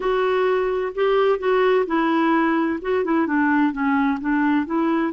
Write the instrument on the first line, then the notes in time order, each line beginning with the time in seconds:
clarinet
0.00 F#4
0.95 G4
1.38 F#4
1.86 E4
2.81 F#4
3.04 E4
3.26 D4
3.72 C#4
4.20 D4
4.66 E4